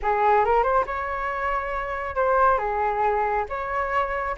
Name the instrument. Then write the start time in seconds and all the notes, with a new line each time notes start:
flute
0.02 G#4
0.44 A#4
0.63 C5
0.86 C#5
2.15 C5
2.58 G#4
3.49 C#5